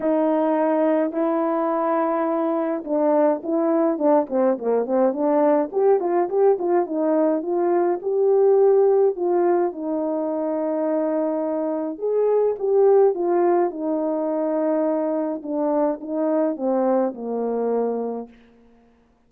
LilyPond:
\new Staff \with { instrumentName = "horn" } { \time 4/4 \tempo 4 = 105 dis'2 e'2~ | e'4 d'4 e'4 d'8 c'8 | ais8 c'8 d'4 g'8 f'8 g'8 f'8 | dis'4 f'4 g'2 |
f'4 dis'2.~ | dis'4 gis'4 g'4 f'4 | dis'2. d'4 | dis'4 c'4 ais2 | }